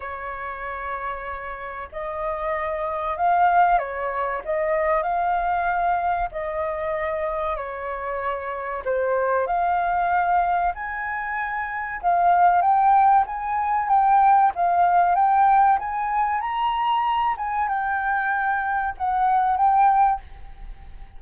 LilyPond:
\new Staff \with { instrumentName = "flute" } { \time 4/4 \tempo 4 = 95 cis''2. dis''4~ | dis''4 f''4 cis''4 dis''4 | f''2 dis''2 | cis''2 c''4 f''4~ |
f''4 gis''2 f''4 | g''4 gis''4 g''4 f''4 | g''4 gis''4 ais''4. gis''8 | g''2 fis''4 g''4 | }